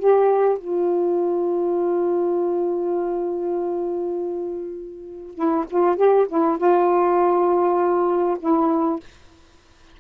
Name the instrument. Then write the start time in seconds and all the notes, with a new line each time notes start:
saxophone
0.00 G4
0.59 F4
5.35 E4
5.71 F4
5.97 G4
6.29 E4
6.58 F4
8.40 E4